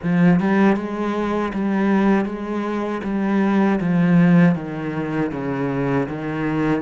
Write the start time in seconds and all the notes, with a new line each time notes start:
0.02 F3
0.40 G3
0.76 G#3
1.53 G3
2.25 G#3
3.03 G3
3.80 F3
4.55 D#3
5.31 C#3
6.08 D#3